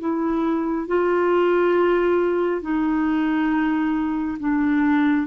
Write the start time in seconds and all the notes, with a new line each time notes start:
0.00 E4
0.88 F4
2.62 D#4
4.40 D4